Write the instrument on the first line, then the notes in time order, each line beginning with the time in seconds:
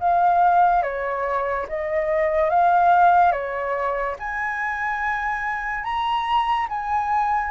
flute
0.00 F5
0.83 C#5
1.69 D#5
2.50 F5
3.32 C#5
4.19 G#5
5.84 A#5
6.69 G#5